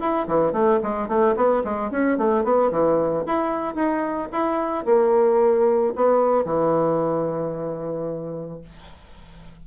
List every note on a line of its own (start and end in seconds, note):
0.00 0.27 E4
0.27 0.53 E3
0.53 0.80 A3
0.83 1.08 G#3
1.08 1.35 A3
1.36 1.63 B3
1.64 1.91 G#3
1.91 2.18 C#4
2.18 2.44 A3
2.44 2.71 B3
2.71 3.25 E3
3.26 3.75 E4
3.75 4.29 D#4
4.32 4.86 E4
4.86 5.94 A#3
5.95 6.45 B3
6.45 8.61 E3